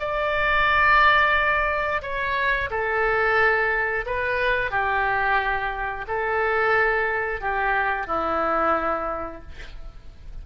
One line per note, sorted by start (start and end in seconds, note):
0.00 2.02 D5
2.03 2.70 C#5
2.71 4.06 A4
4.06 4.71 B4
4.71 6.06 G4
6.08 7.41 A4
7.41 8.07 G4
8.07 9.42 E4